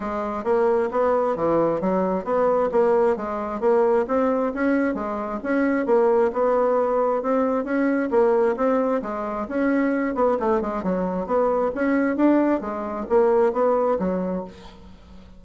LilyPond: \new Staff \with { instrumentName = "bassoon" } { \time 4/4 \tempo 4 = 133 gis4 ais4 b4 e4 | fis4 b4 ais4 gis4 | ais4 c'4 cis'4 gis4 | cis'4 ais4 b2 |
c'4 cis'4 ais4 c'4 | gis4 cis'4. b8 a8 gis8 | fis4 b4 cis'4 d'4 | gis4 ais4 b4 fis4 | }